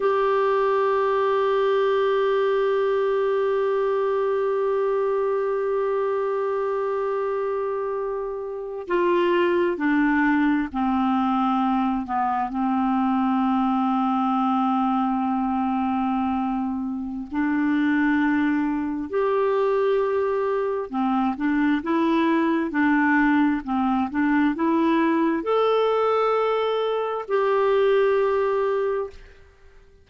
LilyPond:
\new Staff \with { instrumentName = "clarinet" } { \time 4/4 \tempo 4 = 66 g'1~ | g'1~ | g'4.~ g'16 f'4 d'4 c'16~ | c'4~ c'16 b8 c'2~ c'16~ |
c'2. d'4~ | d'4 g'2 c'8 d'8 | e'4 d'4 c'8 d'8 e'4 | a'2 g'2 | }